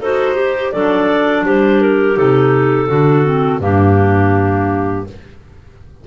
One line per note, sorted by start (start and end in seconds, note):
0.00 0.73 D#4
0.00 0.37 F#4
0.00 0.34 A4
0.00 0.71 C5
0.34 0.70 G4
0.34 0.73 G4
0.71 1.45 F#3
0.71 2.15 D4
0.71 1.45 A4
0.71 1.44 D5
1.45 2.17 G3
1.45 2.87 G4
1.45 1.81 C5
1.81 2.17 A#4
2.15 2.89 C3
2.15 2.87 D#4
2.15 3.61 A4
2.87 3.58 D3
2.87 3.24 D4
2.87 3.59 F#4
3.24 3.59 C4
3.58 5.03 G2
3.58 5.04 A#3
3.58 5.06 D4
3.58 5.07 G4